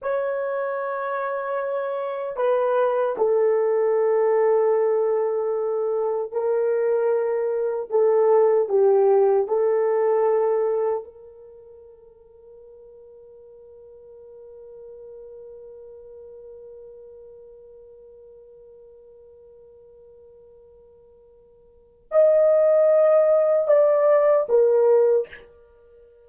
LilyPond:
\new Staff \with { instrumentName = "horn" } { \time 4/4 \tempo 4 = 76 cis''2. b'4 | a'1 | ais'2 a'4 g'4 | a'2 ais'2~ |
ais'1~ | ais'1~ | ais'1 | dis''2 d''4 ais'4 | }